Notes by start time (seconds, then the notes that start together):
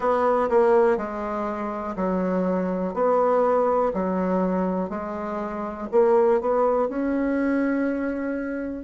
0.00 B3
0.49 A#3
0.97 G#3
1.95 F#3
2.93 B3
3.93 F#3
4.89 G#3
5.92 A#3
6.41 B3
6.89 C#4